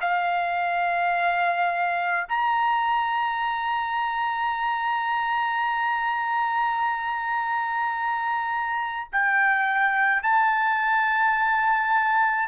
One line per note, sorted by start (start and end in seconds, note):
0.00 2.26 F5
2.28 9.08 A#5
9.12 10.22 G5
10.22 12.48 A5